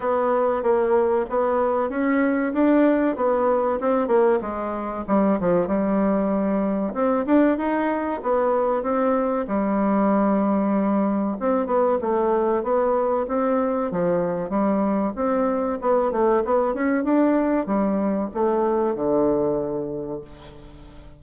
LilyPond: \new Staff \with { instrumentName = "bassoon" } { \time 4/4 \tempo 4 = 95 b4 ais4 b4 cis'4 | d'4 b4 c'8 ais8 gis4 | g8 f8 g2 c'8 d'8 | dis'4 b4 c'4 g4~ |
g2 c'8 b8 a4 | b4 c'4 f4 g4 | c'4 b8 a8 b8 cis'8 d'4 | g4 a4 d2 | }